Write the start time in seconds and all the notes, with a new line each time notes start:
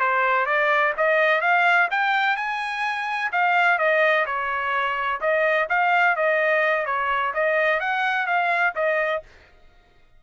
0.00 C5
0.46 D5
0.97 D#5
1.41 F5
1.91 G5
2.37 G#5
3.32 F5
3.78 D#5
4.26 C#5
5.21 D#5
5.69 F5
6.16 D#5
6.86 C#5
7.34 D#5
7.80 F#5
8.27 F5
8.76 D#5